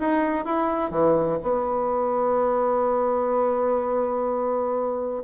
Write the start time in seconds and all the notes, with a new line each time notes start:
0.00 D#4
0.45 E4
0.91 E3
1.43 B3